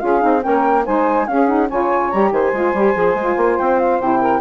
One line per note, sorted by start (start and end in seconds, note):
0.00 0.23 C#4
0.00 0.20 F4
0.00 0.43 G#4
0.00 0.42 F5
0.20 0.45 C4
0.20 0.41 D#4
0.41 0.87 A#3
0.41 0.83 C#4
0.41 0.85 A#4
0.41 0.85 G5
0.85 1.27 G#3
0.85 1.28 D#4
0.85 1.27 C5
0.85 1.27 G#5
1.27 1.69 C#4
1.27 1.48 C#4
1.27 1.68 G#4
1.27 1.47 F5
1.47 1.69 D#4
1.47 1.68 F#5
1.68 2.13 C#3
1.68 2.12 F4
1.68 2.31 C#5
1.68 2.11 G#5
2.11 2.32 G3
2.11 2.54 G4
2.11 2.32 A#5
2.32 2.53 D#3
2.32 4.20 C5
2.32 3.59 G#5
2.53 2.73 G#3
2.53 2.75 F4
2.73 2.94 G3
2.73 2.95 G4
2.95 3.15 F3
2.95 3.16 G#4
3.15 3.36 G#3
3.15 4.01 F4
3.37 3.58 A#3
3.59 4.00 C4
3.59 3.80 G5
3.80 4.01 F5
4.00 4.41 C3
4.00 4.41 E4
4.00 4.41 G5
4.20 4.41 A#4